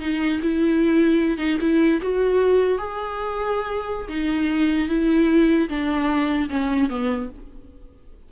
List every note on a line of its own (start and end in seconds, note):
0.00 0.40 D#4
0.42 1.38 E4
1.38 1.58 D#4
1.60 2.00 E4
2.02 2.78 F#4
2.78 4.08 G#4
4.08 4.88 D#4
4.88 5.68 E4
5.69 6.49 D4
6.49 6.89 C#4
6.89 7.29 B3